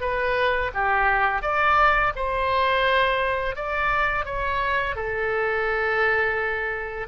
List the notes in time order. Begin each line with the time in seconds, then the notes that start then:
0.00 B4
0.73 G4
1.42 D5
2.15 C5
3.55 D5
4.25 C#5
4.95 A4